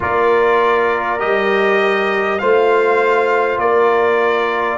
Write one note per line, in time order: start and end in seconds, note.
0.00 1.22 A#3
0.00 1.19 F4
0.00 2.40 A#4
0.00 1.19 D5
1.19 2.41 G3
1.19 2.39 G4
1.19 2.39 D#5
2.39 3.58 A3
2.39 4.78 F4
2.39 3.60 C5
2.39 3.58 F5
3.58 4.78 A#3
3.58 4.78 A#4
3.58 4.78 D5